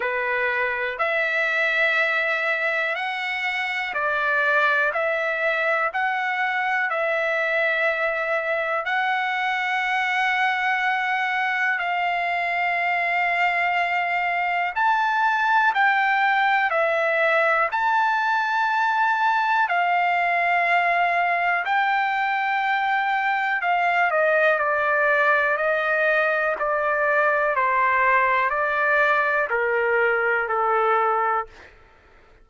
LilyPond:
\new Staff \with { instrumentName = "trumpet" } { \time 4/4 \tempo 4 = 61 b'4 e''2 fis''4 | d''4 e''4 fis''4 e''4~ | e''4 fis''2. | f''2. a''4 |
g''4 e''4 a''2 | f''2 g''2 | f''8 dis''8 d''4 dis''4 d''4 | c''4 d''4 ais'4 a'4 | }